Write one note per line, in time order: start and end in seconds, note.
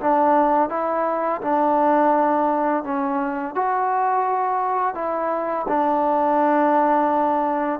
0.00 0.69 D4
0.69 1.41 E4
1.41 2.83 D4
2.83 3.55 C#4
3.55 4.94 F#4
4.94 5.66 E4
5.68 7.80 D4